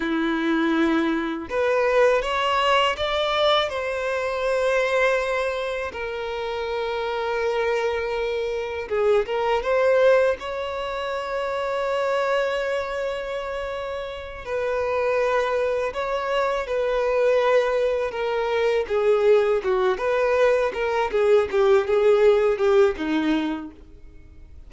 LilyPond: \new Staff \with { instrumentName = "violin" } { \time 4/4 \tempo 4 = 81 e'2 b'4 cis''4 | d''4 c''2. | ais'1 | gis'8 ais'8 c''4 cis''2~ |
cis''2.~ cis''8 b'8~ | b'4. cis''4 b'4.~ | b'8 ais'4 gis'4 fis'8 b'4 | ais'8 gis'8 g'8 gis'4 g'8 dis'4 | }